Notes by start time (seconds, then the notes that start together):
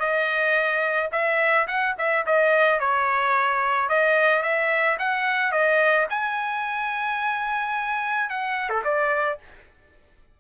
0.00 D#5
1.12 E5
1.68 F#5
1.98 E5
2.26 D#5
2.80 C#5
3.89 D#5
4.43 E5
4.99 F#5
5.52 D#5
6.10 G#5
8.30 F#5
8.69 A4
8.84 D5